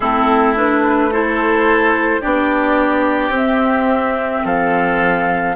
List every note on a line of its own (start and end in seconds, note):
0.00 2.20 A3
0.00 0.56 C4
0.00 1.10 E4
0.00 0.55 A4
0.56 1.11 D4
0.56 1.12 B4
1.11 2.21 E4
1.11 2.21 A4
1.11 2.21 C5
2.21 3.28 B3
2.21 3.32 D4
2.21 4.43 G4
2.21 3.32 D5
3.28 4.39 C4
3.28 5.55 C4
3.36 4.46 E5
4.44 5.55 F3
4.44 5.55 A4
4.44 5.55 F5